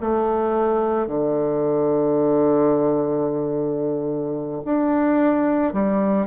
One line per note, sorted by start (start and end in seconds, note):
0.00 1.07 A3
1.07 4.62 D3
4.65 5.73 D4
5.73 6.26 G3